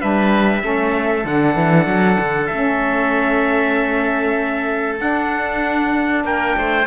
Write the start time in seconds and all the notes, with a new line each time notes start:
0.00 G3 D4 B4 E5
0.60 A3 C#4 A4
1.24 D3 D4 F#5
1.55 E3
1.86 F#3
2.19 D3
2.46 A3 C#4 E5
4.97 D4 F#5
6.24 A#3 A#4 G5
6.57 A3 C5